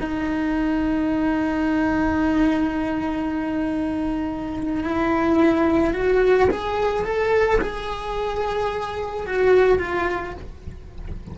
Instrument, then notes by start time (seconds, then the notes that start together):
cello
0.00 D#4
4.84 E4
5.93 F#4
6.50 G#4
7.04 A4
7.61 G#4
9.27 F#4
9.79 F4